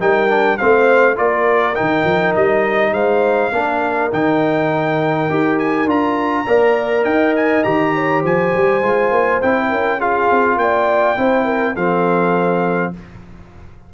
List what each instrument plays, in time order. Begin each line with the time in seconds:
0.00 tuba G3, trombone D#4, horn A#4, trumpet G5
0.29 trombone D4
0.57 tuba A3, trombone C4, horn C5, trumpet F5
1.16 tuba A#3, trombone F4, horn A#4, trumpet D5
1.75 tuba D#3, trombone D#4, trumpet G5
2.04 tuba F3
2.35 tuba G3, trumpet D#5
2.92 tuba G#3, horn C5, trumpet F5
3.52 tuba A#3, trombone D4, horn A#4
4.12 tuba D#3, trombone D#4, trumpet G5
5.30 tuba D#4, trombone G4
5.59 trumpet G#5
5.85 tuba D4, trombone F4, trumpet A#5
6.46 tuba A#3, trombone A#4, horn D5
7.04 tuba D#4, horn D#5, trumpet G5
7.36 trumpet G#5
7.63 tuba D#3, trombone G4, trumpet A#5
7.94 horn C#5
8.21 tuba F3, horn C5, trumpet G#5
8.54 tuba G3
8.82 tuba G#3, trombone F4
9.11 tuba A#3
9.42 tuba C4, trombone E4, trumpet G5
9.69 tuba C#4, horn A#4
9.98 trombone F4, horn G#4, trumpet F5
10.31 tuba C4
10.57 tuba A#3, horn D5, trumpet G5
11.17 tuba C4, trombone E4, horn C5
11.44 horn A#4
11.75 tuba F3, trombone C4, horn A4, trumpet F5